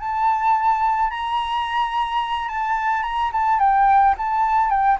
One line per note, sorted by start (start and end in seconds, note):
0.00 1.11 A5
1.11 2.49 A#5
2.49 3.04 A5
3.04 3.31 A#5
3.33 3.60 A5
3.60 4.15 G5
4.18 4.70 A5
4.70 4.98 G5